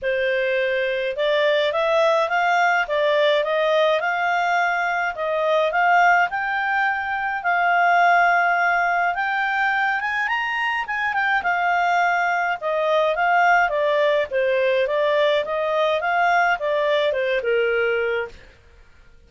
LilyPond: \new Staff \with { instrumentName = "clarinet" } { \time 4/4 \tempo 4 = 105 c''2 d''4 e''4 | f''4 d''4 dis''4 f''4~ | f''4 dis''4 f''4 g''4~ | g''4 f''2. |
g''4. gis''8 ais''4 gis''8 g''8 | f''2 dis''4 f''4 | d''4 c''4 d''4 dis''4 | f''4 d''4 c''8 ais'4. | }